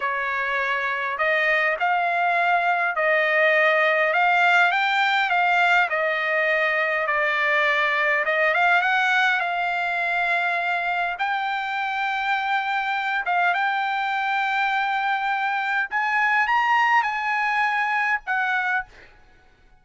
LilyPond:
\new Staff \with { instrumentName = "trumpet" } { \time 4/4 \tempo 4 = 102 cis''2 dis''4 f''4~ | f''4 dis''2 f''4 | g''4 f''4 dis''2 | d''2 dis''8 f''8 fis''4 |
f''2. g''4~ | g''2~ g''8 f''8 g''4~ | g''2. gis''4 | ais''4 gis''2 fis''4 | }